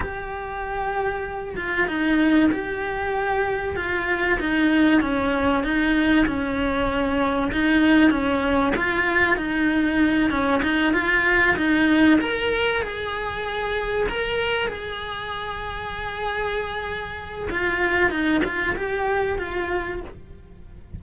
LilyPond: \new Staff \with { instrumentName = "cello" } { \time 4/4 \tempo 4 = 96 g'2~ g'8 f'8 dis'4 | g'2 f'4 dis'4 | cis'4 dis'4 cis'2 | dis'4 cis'4 f'4 dis'4~ |
dis'8 cis'8 dis'8 f'4 dis'4 ais'8~ | ais'8 gis'2 ais'4 gis'8~ | gis'1 | f'4 dis'8 f'8 g'4 f'4 | }